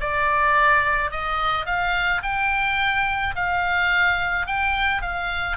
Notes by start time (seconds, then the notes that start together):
0.00 D5
1.11 D#5
1.65 F5
2.23 G5
3.35 F5
4.46 G5
5.02 F5